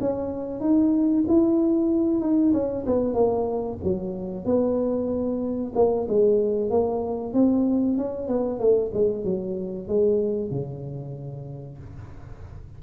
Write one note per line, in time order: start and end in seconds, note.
0.00 0.60 C#4
0.60 1.24 D#4
1.28 2.21 E4
2.21 2.53 D#4
2.53 2.85 C#4
2.86 3.14 B3
3.14 3.78 A#3
3.84 4.45 F#3
4.45 5.72 B3
5.75 6.07 A#3
6.08 6.71 G#3
6.71 7.33 A#3
7.33 7.97 C4
7.98 8.28 C#4
8.28 8.59 B3
8.59 8.91 A3
8.93 9.24 G#3
9.24 9.88 F#3
9.88 10.51 G#3
10.51 11.79 C#3